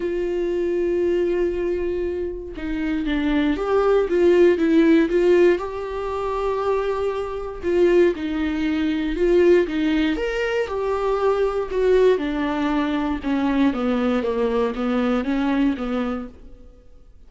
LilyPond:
\new Staff \with { instrumentName = "viola" } { \time 4/4 \tempo 4 = 118 f'1~ | f'4 dis'4 d'4 g'4 | f'4 e'4 f'4 g'4~ | g'2. f'4 |
dis'2 f'4 dis'4 | ais'4 g'2 fis'4 | d'2 cis'4 b4 | ais4 b4 cis'4 b4 | }